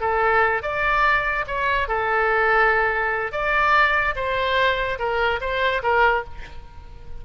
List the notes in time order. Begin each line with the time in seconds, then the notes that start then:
0.00 A4
0.62 D5
1.47 C#5
1.88 A4
3.32 D5
4.15 C5
4.98 A#4
5.40 C5
5.82 A#4